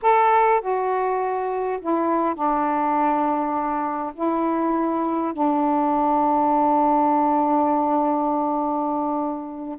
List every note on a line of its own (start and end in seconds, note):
0.02 0.60 A4
0.60 1.79 F#4
1.81 2.34 E4
2.34 4.13 D4
4.14 5.33 E4
5.33 9.78 D4